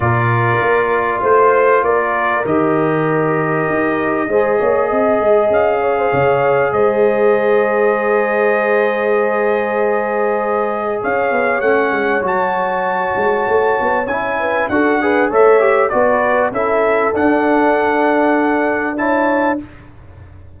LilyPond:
<<
  \new Staff \with { instrumentName = "trumpet" } { \time 4/4 \tempo 4 = 98 d''2 c''4 d''4 | dis''1~ | dis''4 f''2 dis''4~ | dis''1~ |
dis''2 f''4 fis''4 | a''2. gis''4 | fis''4 e''4 d''4 e''4 | fis''2. a''4 | }
  \new Staff \with { instrumentName = "horn" } { \time 4/4 ais'2 c''4 ais'4~ | ais'2. c''8 cis''8 | dis''4. cis''16 c''16 cis''4 c''4~ | c''1~ |
c''2 cis''2~ | cis''2.~ cis''8 b'8 | a'8 b'8 cis''4 b'4 a'4~ | a'2. cis''4 | }
  \new Staff \with { instrumentName = "trombone" } { \time 4/4 f'1 | g'2. gis'4~ | gis'1~ | gis'1~ |
gis'2. cis'4 | fis'2. e'4 | fis'8 gis'8 a'8 g'8 fis'4 e'4 | d'2. e'4 | }
  \new Staff \with { instrumentName = "tuba" } { \time 4/4 ais,4 ais4 a4 ais4 | dis2 dis'4 gis8 ais8 | c'8 gis8 cis'4 cis4 gis4~ | gis1~ |
gis2 cis'8 b8 a8 gis8 | fis4. gis8 a8 b8 cis'4 | d'4 a4 b4 cis'4 | d'1 | }
>>